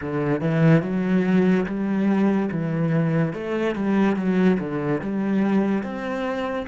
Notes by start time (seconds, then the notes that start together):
0.01 D3
0.40 E3
0.82 F#3
1.66 G3
2.51 E3
3.33 A3
3.75 G3
4.16 F#3
4.59 D3
5.01 G3
5.83 C4